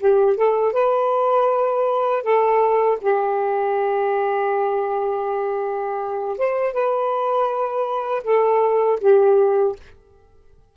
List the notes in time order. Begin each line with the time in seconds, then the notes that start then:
0.00 G4
0.37 A4
0.73 B4
2.23 A4
3.01 G4
6.38 C5
6.74 B4
8.24 A4
9.01 G4